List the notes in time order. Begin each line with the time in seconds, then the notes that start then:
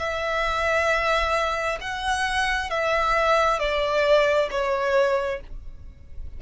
0.00 E5
1.81 F#5
2.71 E5
3.60 D5
4.51 C#5